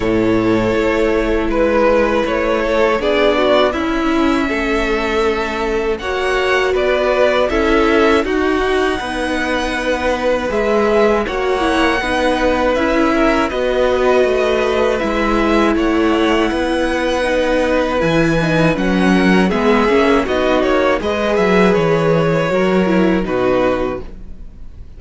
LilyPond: <<
  \new Staff \with { instrumentName = "violin" } { \time 4/4 \tempo 4 = 80 cis''2 b'4 cis''4 | d''4 e''2. | fis''4 d''4 e''4 fis''4~ | fis''2 e''4 fis''4~ |
fis''4 e''4 dis''2 | e''4 fis''2. | gis''4 fis''4 e''4 dis''8 cis''8 | dis''8 e''8 cis''2 b'4 | }
  \new Staff \with { instrumentName = "violin" } { \time 4/4 a'2 b'4. a'8 | gis'8 fis'8 e'4 a'2 | cis''4 b'4 a'4 fis'4 | b'2. cis''4 |
b'4. ais'8 b'2~ | b'4 cis''4 b'2~ | b'4. ais'8 gis'4 fis'4 | b'2 ais'4 fis'4 | }
  \new Staff \with { instrumentName = "viola" } { \time 4/4 e'1 | d'4 cis'2. | fis'2 e'4 dis'4~ | dis'2 gis'4 fis'8 e'8 |
dis'4 e'4 fis'2 | e'2. dis'4 | e'8 dis'8 cis'4 b8 cis'8 dis'4 | gis'2 fis'8 e'8 dis'4 | }
  \new Staff \with { instrumentName = "cello" } { \time 4/4 a,4 a4 gis4 a4 | b4 cis'4 a2 | ais4 b4 cis'4 dis'4 | b2 gis4 ais4 |
b4 cis'4 b4 a4 | gis4 a4 b2 | e4 fis4 gis8 ais8 b8 ais8 | gis8 fis8 e4 fis4 b,4 | }
>>